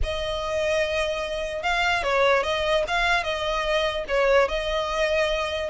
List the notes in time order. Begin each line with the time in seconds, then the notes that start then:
0.03 D#5
1.63 F5
2.03 C#5
2.43 D#5
2.87 F5
3.23 D#5
4.08 C#5
4.48 D#5